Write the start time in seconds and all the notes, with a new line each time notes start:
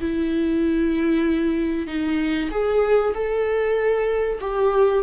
0.00 E4
1.87 D#4
2.51 G#4
3.14 A4
4.40 G4